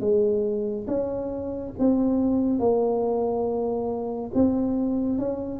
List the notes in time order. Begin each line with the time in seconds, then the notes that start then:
0.00 G#3
0.87 C#4
1.79 C4
2.59 A#3
4.34 C4
5.18 C#4